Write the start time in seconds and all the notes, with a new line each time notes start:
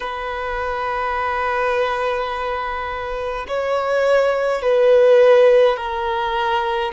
0.00 B4
3.48 C#5
4.62 B4
5.76 A#4